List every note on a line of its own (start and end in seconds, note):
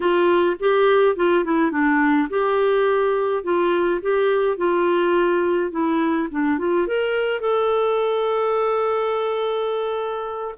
0.00 0.56 F4
0.59 1.16 G4
1.16 1.44 F4
1.44 1.71 E4
1.71 2.28 D4
2.29 3.43 G4
3.43 4.01 F4
4.01 4.57 G4
4.57 5.71 F4
5.71 6.28 E4
6.31 6.58 D4
6.58 6.87 F4
6.87 7.40 A#4
7.40 10.54 A4